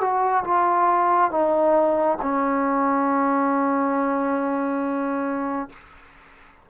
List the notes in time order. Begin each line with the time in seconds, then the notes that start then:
0.00 F#4
0.44 F4
1.30 D#4
2.21 C#4